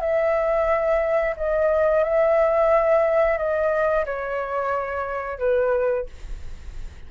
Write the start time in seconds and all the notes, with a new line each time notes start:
0.00 E5
1.37 D#5
2.03 E5
3.37 D#5
4.05 C#5
5.38 B4